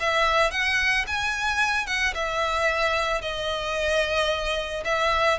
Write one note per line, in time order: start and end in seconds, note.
0.00 0.52 E5
0.52 1.06 F#5
1.08 1.87 G#5
1.87 2.14 F#5
2.14 3.22 E5
3.22 4.84 D#5
4.85 5.39 E5